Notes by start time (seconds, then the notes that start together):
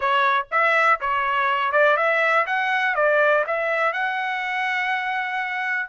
0.00 C#5
0.51 E5
1.00 C#5
1.72 D5
1.96 E5
2.46 F#5
2.95 D5
3.46 E5
3.92 F#5